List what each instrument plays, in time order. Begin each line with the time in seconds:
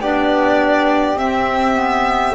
0.00 double bass B3, clarinet D4, flute G4, violin D5
1.15 double bass C4, clarinet C4, violin E5
1.75 clarinet B3